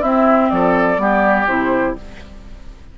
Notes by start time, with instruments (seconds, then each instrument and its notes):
0.00 clarinet C4, bassoon C4, oboe E4, flute E5
0.50 bassoon F3, oboe A4, flute D5
0.97 bassoon G3, clarinet B3, oboe G4
1.47 bassoon C3, clarinet E4, flute C5